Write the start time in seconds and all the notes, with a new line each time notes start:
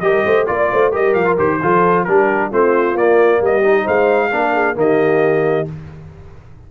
0.00 G3 G4 A#4 D#5
0.25 A3 C5
0.46 A#3 F4 D5
0.72 A3 C5
0.91 G3 G4 A#4 D#5
1.13 F3 F5
1.25 F4
1.37 D#3 G4 C5
1.61 F3 F4 A4
2.04 G3 D4 G4 A#4
2.49 A3 C4 F4 C5
2.95 A#3 D5
3.41 G3 G4 D#5
3.63 D#4
3.83 G#3 C5 F5
4.31 A#3 D4 A#4
4.53 G#4
4.75 D#3 A#3 G4 D#5